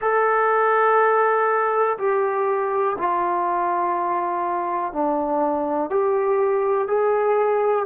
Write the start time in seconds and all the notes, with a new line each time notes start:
0.00 A4
1.98 G4
2.98 F4
4.92 D4
5.90 G4
6.87 G#4